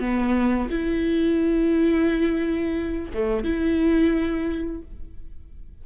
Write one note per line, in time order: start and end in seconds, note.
0.00 0.69 B3
0.71 3.12 E4
3.14 3.45 A3
3.45 4.82 E4